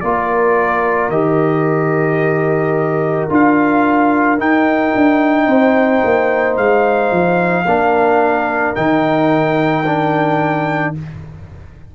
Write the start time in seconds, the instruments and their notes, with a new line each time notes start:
0.00 tuba A#3, trombone F4, horn A#4, trumpet D5
1.08 tuba D#3, trombone G4, trumpet D#5
3.29 tuba D4, trombone F4, trumpet F5
4.38 tuba D#4, trombone D#4, trumpet G5
4.95 tuba D4
5.46 tuba C4, horn C5
6.04 tuba A#3
6.57 tuba G#3, trumpet F5
7.11 tuba F3
7.65 tuba A#3, trombone D4, horn A#4
8.75 tuba D#3, trombone D#4, trumpet G5
9.85 trombone D4